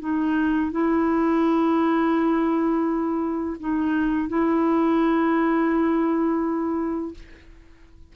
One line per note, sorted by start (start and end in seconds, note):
0.00 0.71 D#4
0.71 3.57 E4
3.60 4.29 D#4
4.29 7.15 E4